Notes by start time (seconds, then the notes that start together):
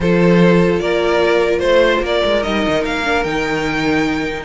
0.00 F3 F4 A4 C5
0.79 A#3 A#4 D5
1.59 A3 C5
2.00 A#3 A#4 D5
2.24 G#3
2.42 G3 D#4 D#5
2.67 D#3
2.84 A#3 F5
3.04 D4
3.23 D#3 D#4 G5